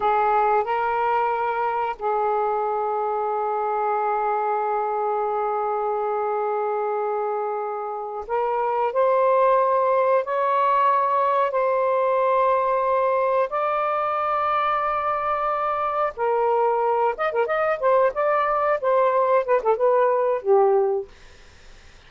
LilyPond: \new Staff \with { instrumentName = "saxophone" } { \time 4/4 \tempo 4 = 91 gis'4 ais'2 gis'4~ | gis'1~ | gis'1~ | gis'8 ais'4 c''2 cis''8~ |
cis''4. c''2~ c''8~ | c''8 d''2.~ d''8~ | d''8 ais'4. dis''16 ais'16 dis''8 c''8 d''8~ | d''8 c''4 b'16 a'16 b'4 g'4 | }